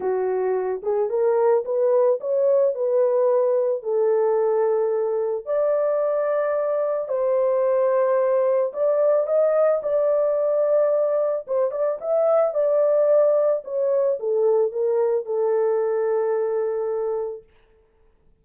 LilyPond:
\new Staff \with { instrumentName = "horn" } { \time 4/4 \tempo 4 = 110 fis'4. gis'8 ais'4 b'4 | cis''4 b'2 a'4~ | a'2 d''2~ | d''4 c''2. |
d''4 dis''4 d''2~ | d''4 c''8 d''8 e''4 d''4~ | d''4 cis''4 a'4 ais'4 | a'1 | }